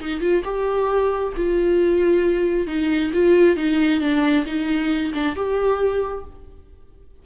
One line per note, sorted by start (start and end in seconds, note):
0.00 0.20 D#4
0.20 0.43 F4
0.44 1.33 G4
1.36 2.67 F4
2.67 3.11 D#4
3.13 3.56 F4
3.56 4.01 D#4
4.01 4.45 D4
4.46 5.13 D#4
5.14 5.36 D4
5.36 6.24 G4